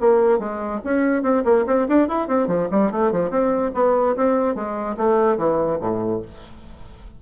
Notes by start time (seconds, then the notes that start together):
0.00 A#3
0.39 G#3
0.84 C#4
1.22 C4
1.44 A#3
1.66 C4
1.88 D4
2.08 E4
2.28 C4
2.47 F3
2.71 G3
2.91 A3
3.12 F3
3.30 C4
3.74 B3
4.16 C4
4.55 G#3
4.97 A3
5.37 E3
5.80 A2